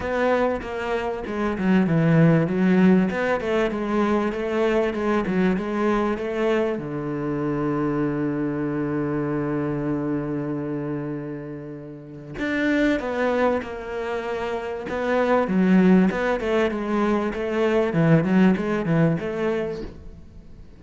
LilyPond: \new Staff \with { instrumentName = "cello" } { \time 4/4 \tempo 4 = 97 b4 ais4 gis8 fis8 e4 | fis4 b8 a8 gis4 a4 | gis8 fis8 gis4 a4 d4~ | d1~ |
d1 | d'4 b4 ais2 | b4 fis4 b8 a8 gis4 | a4 e8 fis8 gis8 e8 a4 | }